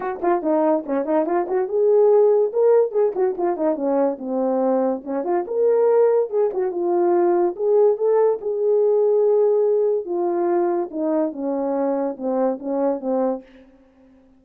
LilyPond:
\new Staff \with { instrumentName = "horn" } { \time 4/4 \tempo 4 = 143 fis'8 f'8 dis'4 cis'8 dis'8 f'8 fis'8 | gis'2 ais'4 gis'8 fis'8 | f'8 dis'8 cis'4 c'2 | cis'8 f'8 ais'2 gis'8 fis'8 |
f'2 gis'4 a'4 | gis'1 | f'2 dis'4 cis'4~ | cis'4 c'4 cis'4 c'4 | }